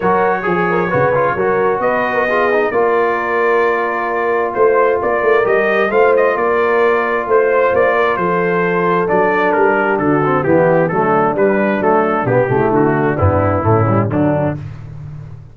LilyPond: <<
  \new Staff \with { instrumentName = "trumpet" } { \time 4/4 \tempo 4 = 132 cis''1 | dis''2 d''2~ | d''2 c''4 d''4 | dis''4 f''8 dis''8 d''2 |
c''4 d''4 c''2 | d''4 ais'4 a'4 g'4 | a'4 b'4 a'4 g'4 | fis'4 e'2 d'4 | }
  \new Staff \with { instrumentName = "horn" } { \time 4/4 ais'4 gis'8 ais'8 b'4 ais'4 | b'8. ais'16 gis'4 ais'2~ | ais'2 c''4 ais'4~ | ais'4 c''4 ais'2 |
c''4. ais'8 a'2~ | a'4. g'8 fis'4 e'4 | d'2.~ d'8 e'8~ | e'8 d'4. cis'4 d'4 | }
  \new Staff \with { instrumentName = "trombone" } { \time 4/4 fis'4 gis'4 fis'8 f'8 fis'4~ | fis'4 f'8 dis'8 f'2~ | f'1 | g'4 f'2.~ |
f'1 | d'2~ d'8 c'8 b4 | a4 g4 a4 b8 a8~ | a4 b4 a8 g8 fis4 | }
  \new Staff \with { instrumentName = "tuba" } { \time 4/4 fis4 f4 cis4 fis4 | b2 ais2~ | ais2 a4 ais8 a8 | g4 a4 ais2 |
a4 ais4 f2 | fis4 g4 d4 e4 | fis4 g4 fis4 b,8 cis8 | d4 g,4 a,4 d4 | }
>>